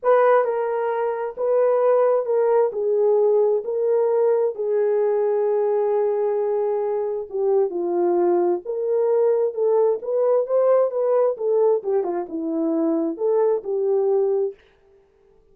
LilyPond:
\new Staff \with { instrumentName = "horn" } { \time 4/4 \tempo 4 = 132 b'4 ais'2 b'4~ | b'4 ais'4 gis'2 | ais'2 gis'2~ | gis'1 |
g'4 f'2 ais'4~ | ais'4 a'4 b'4 c''4 | b'4 a'4 g'8 f'8 e'4~ | e'4 a'4 g'2 | }